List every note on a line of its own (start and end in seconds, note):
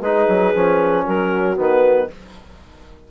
0.00 0.26 G#3
0.00 0.55 D#4
0.00 1.03 G#4
0.00 1.04 B4
0.28 0.53 F#3
0.54 1.05 F3
0.54 1.56 C#4
1.05 1.58 F#3
1.05 2.07 F#4
1.05 1.57 A#4
1.56 2.09 D#3
1.56 2.07 B3
1.56 2.10 B4